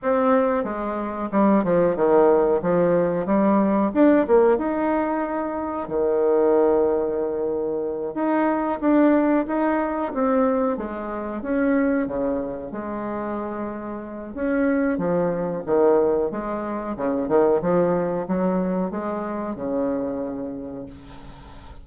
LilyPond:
\new Staff \with { instrumentName = "bassoon" } { \time 4/4 \tempo 4 = 92 c'4 gis4 g8 f8 dis4 | f4 g4 d'8 ais8 dis'4~ | dis'4 dis2.~ | dis8 dis'4 d'4 dis'4 c'8~ |
c'8 gis4 cis'4 cis4 gis8~ | gis2 cis'4 f4 | dis4 gis4 cis8 dis8 f4 | fis4 gis4 cis2 | }